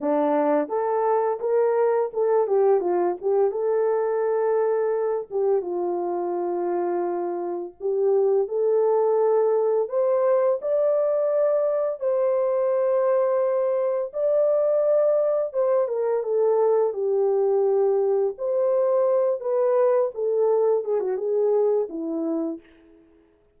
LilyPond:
\new Staff \with { instrumentName = "horn" } { \time 4/4 \tempo 4 = 85 d'4 a'4 ais'4 a'8 g'8 | f'8 g'8 a'2~ a'8 g'8 | f'2. g'4 | a'2 c''4 d''4~ |
d''4 c''2. | d''2 c''8 ais'8 a'4 | g'2 c''4. b'8~ | b'8 a'4 gis'16 fis'16 gis'4 e'4 | }